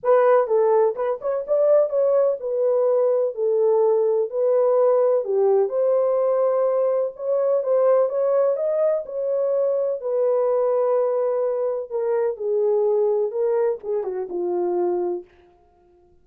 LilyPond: \new Staff \with { instrumentName = "horn" } { \time 4/4 \tempo 4 = 126 b'4 a'4 b'8 cis''8 d''4 | cis''4 b'2 a'4~ | a'4 b'2 g'4 | c''2. cis''4 |
c''4 cis''4 dis''4 cis''4~ | cis''4 b'2.~ | b'4 ais'4 gis'2 | ais'4 gis'8 fis'8 f'2 | }